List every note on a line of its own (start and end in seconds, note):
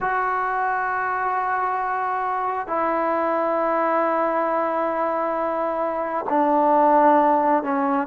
0.00 2.67 F#4
2.67 6.25 E4
6.29 7.63 D4
7.63 8.07 C#4